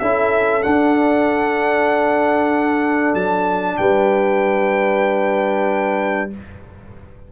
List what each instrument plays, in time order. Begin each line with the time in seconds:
0.00 tuba C#4, trombone E4, horn A4, trumpet E5
0.63 trombone D4, tuba D4, trumpet F#5
3.14 tuba F#3, trumpet A5
3.77 tuba G3, horn B4, trumpet G5